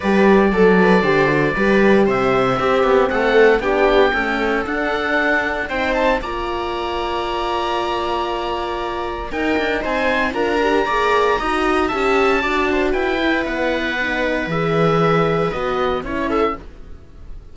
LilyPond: <<
  \new Staff \with { instrumentName = "oboe" } { \time 4/4 \tempo 4 = 116 d''1 | e''2 fis''4 g''4~ | g''4 fis''2 g''8 a''8 | ais''1~ |
ais''2 g''4 gis''4 | ais''2. a''4~ | a''4 g''4 fis''2 | e''2 dis''4 cis''8 e''8 | }
  \new Staff \with { instrumentName = "viola" } { \time 4/4 b'4 a'8 b'8 c''4 b'4 | c''4 g'4 a'4 g'4 | a'2. c''4 | d''1~ |
d''2 ais'4 c''4 | ais'4 d''4 dis''4 e''4 | d''8 c''8 b'2.~ | b'2.~ b'8 a'8 | }
  \new Staff \with { instrumentName = "horn" } { \time 4/4 g'4 a'4 g'8 fis'8 g'4~ | g'4 c'2 d'4 | a4 d'2 dis'4 | f'1~ |
f'2 dis'2 | f'8 g'8 gis'4 fis'4 g'4 | fis'4. e'4. dis'4 | gis'2 fis'4 e'4 | }
  \new Staff \with { instrumentName = "cello" } { \time 4/4 g4 fis4 d4 g4 | c4 c'8 b8 a4 b4 | cis'4 d'2 c'4 | ais1~ |
ais2 dis'8 d'8 c'4 | d'4 ais4 dis'4 cis'4 | d'4 e'4 b2 | e2 b4 cis'4 | }
>>